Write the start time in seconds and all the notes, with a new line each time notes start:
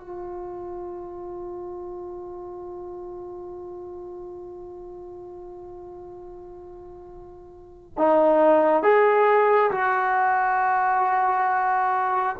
0.00 F4
7.97 D#4
8.82 G#4
9.71 F#4